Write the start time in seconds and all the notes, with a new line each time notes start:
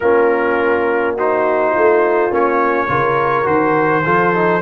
0.00 A#3 C#4 F4 A#4
1.15 D#4 F#4 C5
1.70 A3 F4
2.30 A#3 C#4 C#5
2.88 C#3 F4 A#4
3.44 D#3 F#4 C5
4.04 F3 F4 A4
4.34 D#4